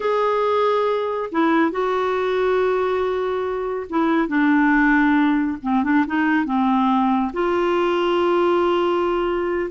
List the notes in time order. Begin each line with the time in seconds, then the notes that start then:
0.00 G#4
1.31 E4
1.71 F#4
3.89 E4
4.28 D4
5.62 C4
5.83 D4
6.06 D#4
6.45 C4
7.33 F4